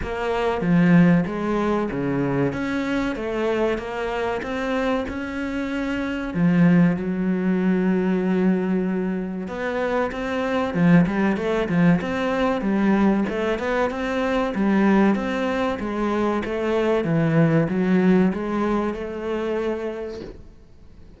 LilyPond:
\new Staff \with { instrumentName = "cello" } { \time 4/4 \tempo 4 = 95 ais4 f4 gis4 cis4 | cis'4 a4 ais4 c'4 | cis'2 f4 fis4~ | fis2. b4 |
c'4 f8 g8 a8 f8 c'4 | g4 a8 b8 c'4 g4 | c'4 gis4 a4 e4 | fis4 gis4 a2 | }